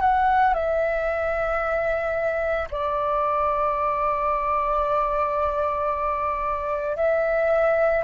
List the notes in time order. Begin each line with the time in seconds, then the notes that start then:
0.00 F#5
0.54 E5
2.71 D5
6.96 E5